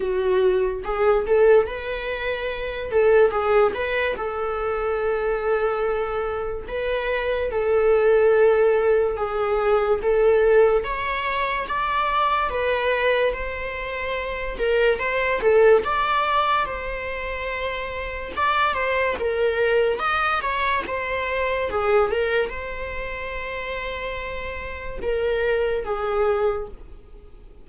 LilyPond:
\new Staff \with { instrumentName = "viola" } { \time 4/4 \tempo 4 = 72 fis'4 gis'8 a'8 b'4. a'8 | gis'8 b'8 a'2. | b'4 a'2 gis'4 | a'4 cis''4 d''4 b'4 |
c''4. ais'8 c''8 a'8 d''4 | c''2 d''8 c''8 ais'4 | dis''8 cis''8 c''4 gis'8 ais'8 c''4~ | c''2 ais'4 gis'4 | }